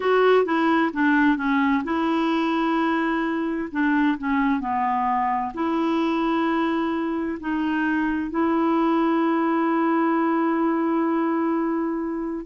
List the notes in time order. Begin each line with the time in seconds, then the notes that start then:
0.00 F#4
0.45 E4
0.93 D4
1.36 C#4
1.84 E4
3.71 D4
4.17 C#4
4.59 B3
5.53 E4
7.39 D#4
8.30 E4